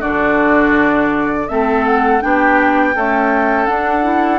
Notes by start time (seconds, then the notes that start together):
0.00 D3 D4 F#4 D5
1.48 A3 C4 A4 E5
1.86 F#5
2.21 B3 D4 G4 G5
2.95 A3 C#4 A4
3.66 D4 F#5
4.03 E4